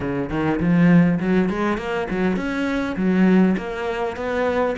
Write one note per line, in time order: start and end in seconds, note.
0.00 0.29 C#3
0.29 0.59 D#3
0.59 1.19 F3
1.19 1.49 F#3
1.49 1.77 G#3
1.77 2.07 A#3
2.10 2.36 F#3
2.36 2.95 C#4
2.96 3.56 F#3
3.57 4.16 A#3
4.16 4.75 B3